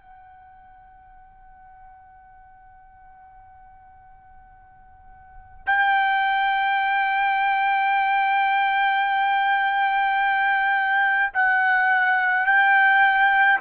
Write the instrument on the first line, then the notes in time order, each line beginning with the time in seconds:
trumpet
0.00 F#5
5.66 G5
11.33 F#5
12.46 G5